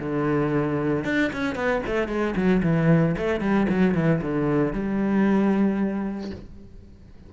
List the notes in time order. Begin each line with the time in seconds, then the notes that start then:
0.00 D3
1.05 D4
1.33 C#4
1.56 B3
1.87 A3
2.08 G#3
2.36 F#3
2.63 E3
3.18 A3
3.41 G3
3.70 F#3
3.95 E3
4.22 D3
4.73 G3